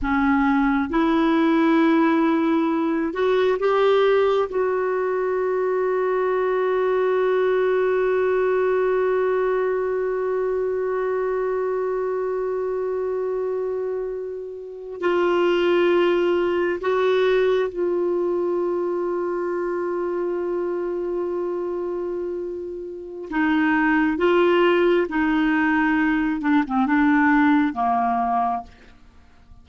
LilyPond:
\new Staff \with { instrumentName = "clarinet" } { \time 4/4 \tempo 4 = 67 cis'4 e'2~ e'8 fis'8 | g'4 fis'2.~ | fis'1~ | fis'1~ |
fis'8. f'2 fis'4 f'16~ | f'1~ | f'2 dis'4 f'4 | dis'4. d'16 c'16 d'4 ais4 | }